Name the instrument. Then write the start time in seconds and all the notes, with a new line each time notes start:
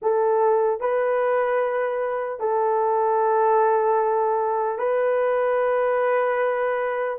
horn
0.02 A4
0.80 B4
2.39 A4
4.78 B4